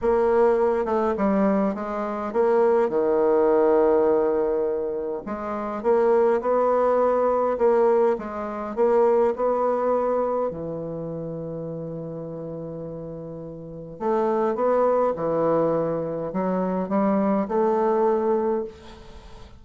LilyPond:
\new Staff \with { instrumentName = "bassoon" } { \time 4/4 \tempo 4 = 103 ais4. a8 g4 gis4 | ais4 dis2.~ | dis4 gis4 ais4 b4~ | b4 ais4 gis4 ais4 |
b2 e2~ | e1 | a4 b4 e2 | fis4 g4 a2 | }